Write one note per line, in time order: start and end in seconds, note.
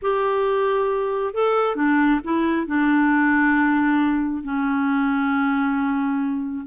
0.02 1.34 G4
1.34 1.75 A4
1.75 2.20 D4
2.24 2.67 E4
2.67 4.43 D4
4.43 6.65 C#4